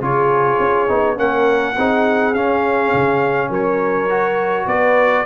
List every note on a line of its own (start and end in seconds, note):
0.00 0.58 C#3
0.00 0.88 F4
0.00 1.17 G#4
0.00 1.18 C#5
0.59 0.88 C#4
0.88 1.18 B3
0.88 1.16 D#4
1.16 1.76 A#3
1.16 1.74 C#4
1.16 1.77 A#4
1.16 2.34 F#5
1.77 2.34 C4
1.77 2.35 D#4
1.77 3.49 G#4
2.34 2.93 C#4
2.34 4.09 C#4
2.34 3.50 F5
2.93 3.49 C#3
3.49 4.66 F#3
3.49 4.66 A#4
3.49 4.67 C#5
4.09 5.25 F#4
4.66 5.24 B3
4.66 5.25 B4
4.66 5.25 D5